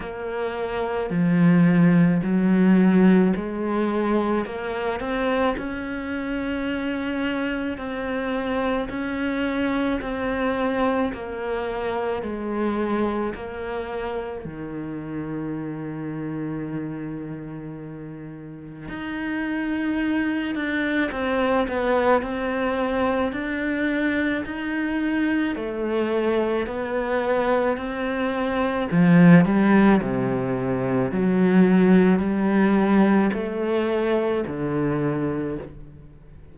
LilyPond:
\new Staff \with { instrumentName = "cello" } { \time 4/4 \tempo 4 = 54 ais4 f4 fis4 gis4 | ais8 c'8 cis'2 c'4 | cis'4 c'4 ais4 gis4 | ais4 dis2.~ |
dis4 dis'4. d'8 c'8 b8 | c'4 d'4 dis'4 a4 | b4 c'4 f8 g8 c4 | fis4 g4 a4 d4 | }